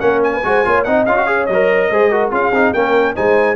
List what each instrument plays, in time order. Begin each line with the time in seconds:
0.00 tuba A#3, trombone C#4, horn A#4, trumpet F#5
0.24 trumpet G#5
0.34 horn B4
0.44 tuba G#3, trombone F#4, horn C5
0.65 tuba A#3, trombone F4, horn C#5
0.84 tuba C4, trombone D#4, horn D#5, trumpet F#5
1.06 tuba C#4, trombone F4, trumpet F5
1.17 trombone F#4
1.27 trombone G#4, horn C#5
1.46 tuba F#3, trumpet D#5
1.54 trombone A#4
1.91 tuba G#3, trombone G#4, horn C5
2.11 trombone F#4, horn A#4
2.31 tuba C#4, trombone F4, horn G#4, trumpet F5
2.52 tuba C4, trombone D#4
2.74 tuba A#3, trombone C#4, horn A#4, trumpet G5
3.15 tuba G#3, trombone D#4, horn C5, trumpet G#5